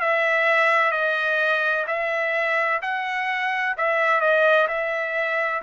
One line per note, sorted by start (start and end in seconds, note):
0.00 0.92 E5
0.92 1.85 D#5
1.87 2.81 E5
2.82 3.76 F#5
3.78 4.21 E5
4.21 4.67 D#5
4.68 5.62 E5